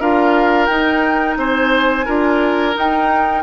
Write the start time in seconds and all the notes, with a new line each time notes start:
0.00 D4 F4 A#4 F5
0.66 D#4 G5
1.37 C4 C5 G#5
2.05 D4 F4 A#4
2.74 D#4 G5